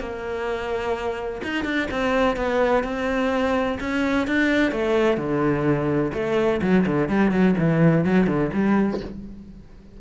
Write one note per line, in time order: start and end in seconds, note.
0.00 1.42 A#3
1.44 1.64 D#4
1.64 1.88 D4
1.91 2.37 C4
2.37 2.84 B3
2.84 3.78 C4
3.80 4.27 C#4
4.27 4.72 D4
4.72 5.17 A3
5.17 6.12 D3
6.14 6.61 A3
6.62 6.85 F#3
6.87 7.09 D3
7.09 7.31 G3
7.31 7.55 F#3
7.58 8.05 E3
8.05 8.27 F#3
8.27 8.50 D3
8.53 9.01 G3